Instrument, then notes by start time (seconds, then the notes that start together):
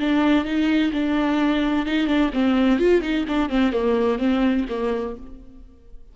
viola
0.00 D4
0.45 D#4
0.93 D4
1.86 D#4
2.07 D4
2.34 C4
2.79 F4
3.02 D#4
3.29 D4
3.49 C4
3.73 A#3
4.19 C4
4.70 A#3